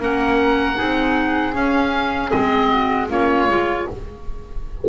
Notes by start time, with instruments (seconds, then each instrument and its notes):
0.00 double bass A#3, clarinet C#4, flute A#4, oboe F#5
0.76 double bass C4, clarinet D#4, flute G#4
1.54 clarinet C#4, double bass C#4, oboe F5
2.30 double bass G#3, clarinet C4, oboe D#5
2.69 flute F#4
3.08 double bass A#3, clarinet C#4, flute F4, oboe C#5
3.48 double bass G#3, clarinet F4